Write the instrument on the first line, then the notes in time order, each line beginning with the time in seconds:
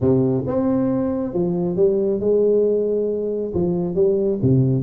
tuba
0.00 C3
0.46 C4
1.33 F3
1.75 G3
2.20 G#3
3.53 F3
3.94 G3
4.41 C3